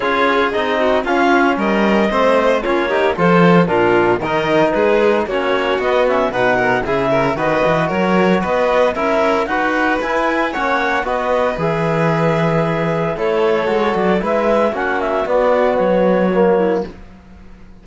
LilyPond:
<<
  \new Staff \with { instrumentName = "clarinet" } { \time 4/4 \tempo 4 = 114 cis''4 dis''4 f''4 dis''4~ | dis''4 cis''4 c''4 ais'4 | dis''4 b'4 cis''4 dis''8 e''8 | fis''4 e''4 dis''4 cis''4 |
dis''4 e''4 fis''4 gis''4 | fis''4 dis''4 e''2~ | e''4 cis''4. d''8 e''4 | fis''8 e''8 d''4 cis''2 | }
  \new Staff \with { instrumentName = "violin" } { \time 4/4 gis'4. fis'8 f'4 ais'4 | c''4 f'8 g'8 a'4 f'4 | ais'4 gis'4 fis'2 | b'8 ais'8 gis'8 ais'8 b'4 ais'4 |
b'4 ais'4 b'2 | cis''4 b'2.~ | b'4 a'2 b'4 | fis'2.~ fis'8 e'8 | }
  \new Staff \with { instrumentName = "trombone" } { \time 4/4 f'4 dis'4 cis'2 | c'4 cis'8 dis'8 f'4 d'4 | dis'2 cis'4 b8 cis'8 | dis'4 e'4 fis'2~ |
fis'4 e'4 fis'4 e'4 | cis'4 fis'4 gis'2~ | gis'4 e'4 fis'4 e'4 | cis'4 b2 ais4 | }
  \new Staff \with { instrumentName = "cello" } { \time 4/4 cis'4 c'4 cis'4 g4 | a4 ais4 f4 ais,4 | dis4 gis4 ais4 b4 | b,4 cis4 dis8 e8 fis4 |
b4 cis'4 dis'4 e'4 | ais4 b4 e2~ | e4 a4 gis8 fis8 gis4 | ais4 b4 fis2 | }
>>